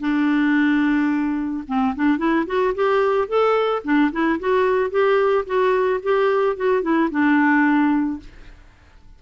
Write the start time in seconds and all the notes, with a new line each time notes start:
0.00 D4
1.68 C4
1.96 D4
2.18 E4
2.47 F#4
2.75 G4
3.28 A4
3.84 D4
4.12 E4
4.40 F#4
4.90 G4
5.46 F#4
6.03 G4
6.56 F#4
6.83 E4
7.11 D4